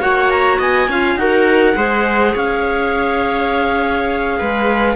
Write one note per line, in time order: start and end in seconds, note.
0.00 0.58 A#3
0.00 0.87 F#4
0.00 0.59 C#5
0.00 0.30 F#5
0.30 0.60 A#5
0.59 0.88 B3
0.59 0.88 D#5
0.59 1.17 G#5
0.88 1.16 C#4
0.88 1.18 F4
0.88 1.20 F5
1.16 1.74 D#4
1.16 1.74 F#4
1.16 1.77 A#4
1.16 2.34 F#5
1.74 2.34 G#3
1.74 4.95 G#4
1.74 2.33 C5
2.33 4.39 C#4
2.33 4.37 C#5
2.33 4.96 F5
4.38 4.96 G#3
4.38 4.96 B4